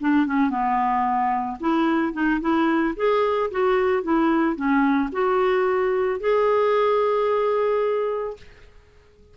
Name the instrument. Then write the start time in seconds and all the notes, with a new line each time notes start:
clarinet
0.00 D4
0.26 C#4
0.50 B3
1.60 E4
2.13 D#4
2.41 E4
2.96 G#4
3.51 F#4
4.03 E4
4.56 C#4
5.12 F#4
6.20 G#4